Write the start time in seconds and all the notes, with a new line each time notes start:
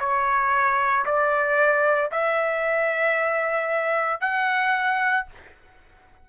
0.00 C#5
1.06 D5
2.12 E5
4.21 F#5